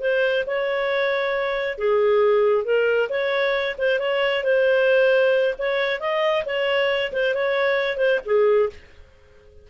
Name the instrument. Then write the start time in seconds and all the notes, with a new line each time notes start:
clarinet
0.00 C5
0.47 C#5
1.78 G#4
2.64 A#4
3.09 C#5
3.78 C5
3.99 C#5
4.44 C5
5.59 C#5
6.00 D#5
6.45 C#5
7.13 C5
7.34 C#5
7.97 C5
8.25 G#4